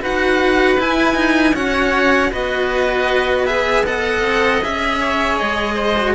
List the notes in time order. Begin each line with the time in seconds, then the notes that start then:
0.00 D#4 F#4 B4 F#5
0.78 E4 G#5
1.15 D#4
1.54 C#4 F#4 C#5 F#5
2.31 B3 F#4 B4 D#5
3.46 G#4 E5
3.86 A4 D#5 F#5
4.21 C4
4.61 C#4 G#4 E5
5.00 C#5
5.38 G#3 D#5
5.74 C5
5.97 F#4